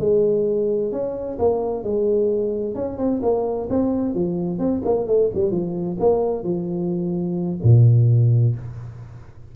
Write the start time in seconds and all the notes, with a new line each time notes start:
0.00 G#3
0.92 C#4
1.39 A#3
1.84 G#3
2.75 C#4
2.98 C4
3.23 A#3
3.70 C4
4.15 F3
4.59 C4
4.85 A#3
5.07 A3
5.35 G3
5.52 F3
6.00 A#3
6.44 F3
7.64 A#2